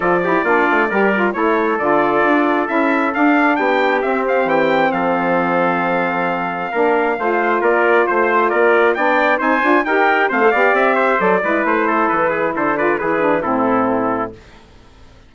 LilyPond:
<<
  \new Staff \with { instrumentName = "trumpet" } { \time 4/4 \tempo 4 = 134 d''2. cis''4 | d''2 e''4 f''4 | g''4 e''8 f''8 g''4 f''4~ | f''1~ |
f''4 d''4 c''4 d''4 | g''4 gis''4 g''4 f''4 | e''4 d''4 c''4 b'4 | c''8 d''8 b'4 a'2 | }
  \new Staff \with { instrumentName = "trumpet" } { \time 4/4 a'8 g'8 f'4 ais'4 a'4~ | a'1 | g'2. a'4~ | a'2. ais'4 |
c''4 ais'4 c''4 ais'4 | d''4 c''4 ais'4 c''8 d''8~ | d''8 c''4 b'4 a'4 gis'8 | a'8 b'8 gis'4 e'2 | }
  \new Staff \with { instrumentName = "saxophone" } { \time 4/4 f'8 e'8 d'4 g'8 f'8 e'4 | f'2 e'4 d'4~ | d'4 c'2.~ | c'2. d'4 |
f'1 | d'4 dis'8 f'8 g'4 c'16 a'16 g'8~ | g'4 a'8 e'2~ e'8~ | e'8 f'8 e'8 d'8 c'2 | }
  \new Staff \with { instrumentName = "bassoon" } { \time 4/4 f4 ais8 a8 g4 a4 | d4 d'4 cis'4 d'4 | b4 c'4 e4 f4~ | f2. ais4 |
a4 ais4 a4 ais4 | b4 c'8 d'8 dis'4 a8 b8 | c'4 fis8 gis8 a4 e4 | d4 e4 a,2 | }
>>